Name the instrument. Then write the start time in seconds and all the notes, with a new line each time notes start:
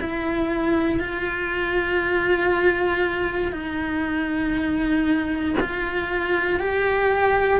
cello
0.00 E4
0.99 F4
3.52 D#4
5.60 F4
6.59 G4